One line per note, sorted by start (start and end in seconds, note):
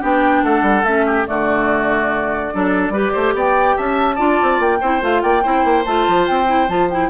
0.00 0.43 B3
0.00 0.85 D4
0.00 0.42 G4
0.00 0.43 G5
0.43 0.62 A3
0.43 1.06 A4
0.43 0.84 F#5
0.62 0.82 G3
0.84 1.25 A3
0.84 1.25 C#4
0.84 1.26 E5
1.06 1.27 G4
1.25 2.54 D3
1.25 2.50 A3
1.25 2.54 F#4
1.25 3.35 D5
2.53 2.89 F#3
2.53 2.93 D4
2.53 2.92 A4
2.89 3.10 G3
2.89 4.17 G4
2.89 3.12 B4
3.12 3.34 A3
3.12 3.33 C5
3.34 3.75 B3
3.34 3.76 D5
3.34 3.77 G5
3.76 4.19 C#4
3.76 4.15 E5
3.76 4.61 A5
4.15 4.39 D4
4.15 4.79 F4
4.15 4.78 D5
4.42 4.59 C4
4.59 4.79 A#3
4.59 5.03 G5
4.80 5.01 C4
4.80 5.01 E4
4.80 5.22 C5
5.01 5.22 A3
5.01 5.42 F4
5.01 5.21 F5
5.21 5.44 A#3
5.21 5.42 D5
5.21 5.84 G5
5.42 5.64 C4
5.42 5.85 E4
5.42 7.09 C5
5.64 5.85 A#3
5.84 6.07 A3
5.84 6.46 F4
5.84 6.26 A5
6.07 6.28 F3
6.27 6.68 C4
6.27 6.68 G5
6.46 6.67 E4
6.68 7.10 F3
6.68 6.89 F4
6.68 6.89 A5
6.90 7.10 E4
6.90 7.10 G5